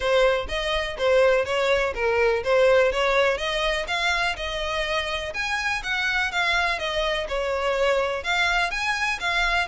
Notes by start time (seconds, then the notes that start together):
0.00 C5
0.48 D#5
0.97 C5
1.45 C#5
1.94 A#4
2.43 C5
2.92 C#5
3.37 D#5
3.87 F5
4.36 D#5
5.34 G#5
5.83 F#5
6.31 F5
6.79 D#5
7.28 C#5
8.23 F5
8.71 G#5
9.20 F5